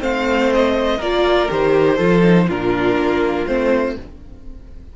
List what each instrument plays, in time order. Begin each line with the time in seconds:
0.00 cello A3, viola C4, violin C5 F5
0.54 violin D#5
0.98 cello A#3, viola F4, violin A#4 D5
1.49 cello D#3, viola G4, violin C5
1.96 cello F3, viola F4, violin A4
2.22 viola D#4
2.48 cello A#2, viola D4, violin F4 A#4
2.97 cello A#3
3.47 cello A3, viola C4, violin C5